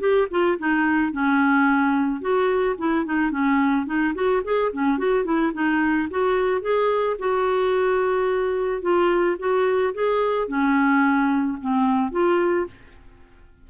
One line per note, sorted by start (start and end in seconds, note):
0.00 0.28 G4
0.31 0.58 F4
0.59 1.13 D#4
1.13 2.21 C#4
2.21 2.76 F#4
2.78 3.06 E4
3.06 3.31 D#4
3.31 3.86 C#4
3.86 4.14 D#4
4.15 4.42 F#4
4.44 4.72 G#4
4.73 4.98 C#4
4.98 5.25 F#4
5.25 5.52 E4
5.54 6.09 D#4
6.10 6.62 F#4
6.62 7.17 G#4
7.19 8.82 F#4
8.82 9.37 F4
9.39 9.94 F#4
9.94 10.48 G#4
10.48 11.58 C#4
11.61 12.12 C4
12.12 12.67 F4